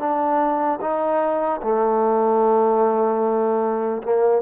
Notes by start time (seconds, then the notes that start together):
0.00 D4
0.81 D#4
1.63 A3
4.03 A#3